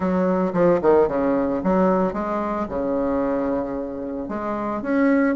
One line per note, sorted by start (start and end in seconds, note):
0.00 0.52 F#3
0.53 0.80 F3
0.81 1.07 D#3
1.07 1.61 C#3
1.63 2.13 F#3
2.13 2.66 G#3
2.68 4.28 C#3
4.28 4.82 G#3
4.82 5.35 C#4